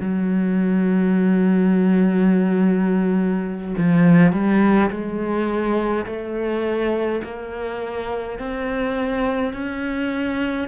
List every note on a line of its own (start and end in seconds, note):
0.00 3.75 F#3
3.77 4.32 F3
4.32 4.90 G3
4.90 6.05 G#3
6.06 7.21 A3
7.23 8.38 A#3
8.38 9.53 C4
9.53 10.68 C#4